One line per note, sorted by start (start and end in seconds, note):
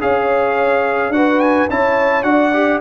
0.00 1.09 C#4
0.00 1.12 G#4
0.00 1.15 C#5
0.00 1.12 F5
1.09 1.65 D4
1.09 1.69 F#4
1.09 1.39 F#5
1.15 1.71 B4
1.39 1.67 G#5
1.69 2.23 C#4
1.69 2.23 E4
1.69 2.26 C#5
1.69 2.23 A5
2.23 2.79 D4
2.23 2.52 F#4
2.23 2.81 D5
2.23 2.79 F#5
2.53 2.81 G4